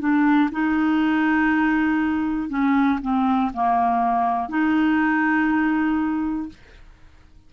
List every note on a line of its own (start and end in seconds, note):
0.00 0.50 D4
0.52 2.49 D#4
2.49 2.99 C#4
3.01 3.51 C4
3.54 4.49 A#3
4.49 6.49 D#4